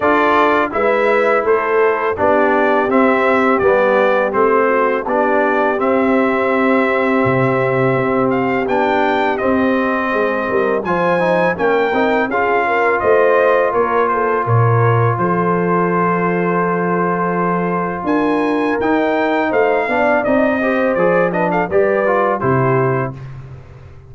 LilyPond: <<
  \new Staff \with { instrumentName = "trumpet" } { \time 4/4 \tempo 4 = 83 d''4 e''4 c''4 d''4 | e''4 d''4 c''4 d''4 | e''2.~ e''8 f''8 | g''4 dis''2 gis''4 |
g''4 f''4 dis''4 cis''8 c''8 | cis''4 c''2.~ | c''4 gis''4 g''4 f''4 | dis''4 d''8 dis''16 f''16 d''4 c''4 | }
  \new Staff \with { instrumentName = "horn" } { \time 4/4 a'4 b'4 a'4 g'4~ | g'2~ g'8 fis'8 g'4~ | g'1~ | g'2 gis'8 ais'8 c''4 |
ais'4 gis'8 ais'8 c''4 ais'8 a'8 | ais'4 a'2.~ | a'4 ais'2 c''8 d''8~ | d''8 c''4 b'16 a'16 b'4 g'4 | }
  \new Staff \with { instrumentName = "trombone" } { \time 4/4 f'4 e'2 d'4 | c'4 b4 c'4 d'4 | c'1 | d'4 c'2 f'8 dis'8 |
cis'8 dis'8 f'2.~ | f'1~ | f'2 dis'4. d'8 | dis'8 g'8 gis'8 d'8 g'8 f'8 e'4 | }
  \new Staff \with { instrumentName = "tuba" } { \time 4/4 d'4 gis4 a4 b4 | c'4 g4 a4 b4 | c'2 c4 c'4 | b4 c'4 gis8 g8 f4 |
ais8 c'8 cis'4 a4 ais4 | ais,4 f2.~ | f4 d'4 dis'4 a8 b8 | c'4 f4 g4 c4 | }
>>